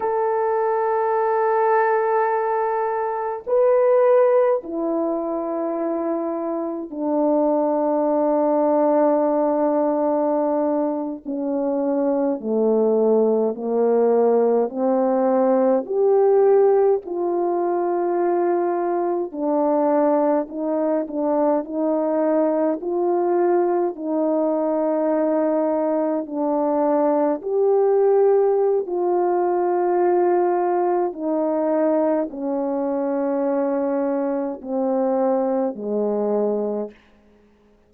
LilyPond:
\new Staff \with { instrumentName = "horn" } { \time 4/4 \tempo 4 = 52 a'2. b'4 | e'2 d'2~ | d'4.~ d'16 cis'4 a4 ais16~ | ais8. c'4 g'4 f'4~ f'16~ |
f'8. d'4 dis'8 d'8 dis'4 f'16~ | f'8. dis'2 d'4 g'16~ | g'4 f'2 dis'4 | cis'2 c'4 gis4 | }